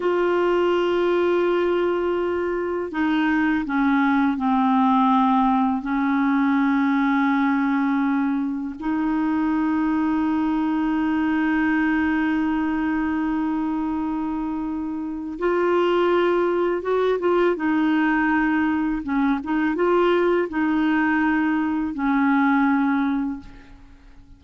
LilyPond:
\new Staff \with { instrumentName = "clarinet" } { \time 4/4 \tempo 4 = 82 f'1 | dis'4 cis'4 c'2 | cis'1 | dis'1~ |
dis'1~ | dis'4 f'2 fis'8 f'8 | dis'2 cis'8 dis'8 f'4 | dis'2 cis'2 | }